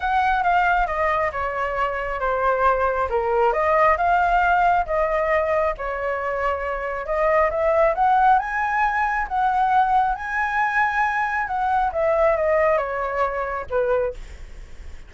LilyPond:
\new Staff \with { instrumentName = "flute" } { \time 4/4 \tempo 4 = 136 fis''4 f''4 dis''4 cis''4~ | cis''4 c''2 ais'4 | dis''4 f''2 dis''4~ | dis''4 cis''2. |
dis''4 e''4 fis''4 gis''4~ | gis''4 fis''2 gis''4~ | gis''2 fis''4 e''4 | dis''4 cis''2 b'4 | }